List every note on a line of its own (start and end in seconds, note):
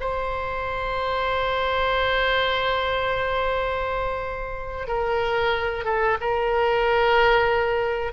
0.00 4.87 C5
4.87 5.85 A#4
5.85 6.17 A4
6.20 8.12 A#4